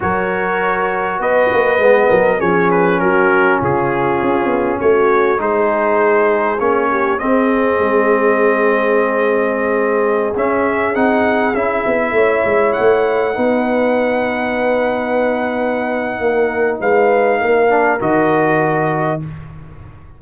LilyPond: <<
  \new Staff \with { instrumentName = "trumpet" } { \time 4/4 \tempo 4 = 100 cis''2 dis''2 | cis''8 b'8 ais'4 gis'2 | cis''4 c''2 cis''4 | dis''1~ |
dis''4~ dis''16 e''4 fis''4 e''8.~ | e''4~ e''16 fis''2~ fis''8.~ | fis''1 | f''2 dis''2 | }
  \new Staff \with { instrumentName = "horn" } { \time 4/4 ais'2 b'4. ais'8 | gis'4 fis'4 f'2 | fis'4 gis'2~ gis'8 g'8 | gis'1~ |
gis'1~ | gis'16 cis''2 b'4.~ b'16~ | b'2. ais'4 | b'4 ais'2. | }
  \new Staff \with { instrumentName = "trombone" } { \time 4/4 fis'2. b4 | cis'1~ | cis'4 dis'2 cis'4 | c'1~ |
c'4~ c'16 cis'4 dis'4 e'8.~ | e'2~ e'16 dis'4.~ dis'16~ | dis'1~ | dis'4. d'8 fis'2 | }
  \new Staff \with { instrumentName = "tuba" } { \time 4/4 fis2 b8 ais8 gis8 fis8 | f4 fis4 cis4 cis'8 b8 | a4 gis2 ais4 | c'4 gis2.~ |
gis4~ gis16 cis'4 c'4 cis'8 b16~ | b16 a8 gis8 a4 b4.~ b16~ | b2. ais4 | gis4 ais4 dis2 | }
>>